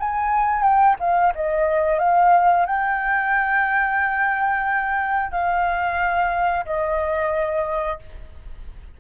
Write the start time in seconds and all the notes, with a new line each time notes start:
0.00 G#5
0.62 G5
1.00 F5
1.35 D#5
1.99 F5
2.66 G5
5.32 F5
6.65 D#5